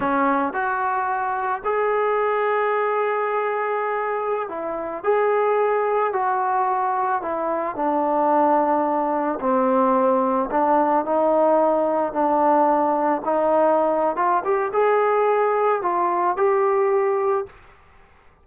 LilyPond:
\new Staff \with { instrumentName = "trombone" } { \time 4/4 \tempo 4 = 110 cis'4 fis'2 gis'4~ | gis'1~ | gis'16 e'4 gis'2 fis'8.~ | fis'4~ fis'16 e'4 d'4.~ d'16~ |
d'4~ d'16 c'2 d'8.~ | d'16 dis'2 d'4.~ d'16~ | d'16 dis'4.~ dis'16 f'8 g'8 gis'4~ | gis'4 f'4 g'2 | }